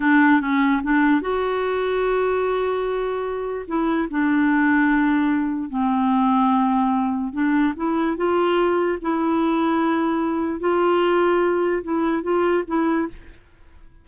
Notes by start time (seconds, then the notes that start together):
0.00 D4
0.41 C#4
0.83 D4
1.21 F#4
3.67 E4
4.10 D4
5.69 C4
7.32 D4
7.76 E4
8.16 F4
9.01 E4
10.60 F4
11.83 E4
12.22 F4
12.67 E4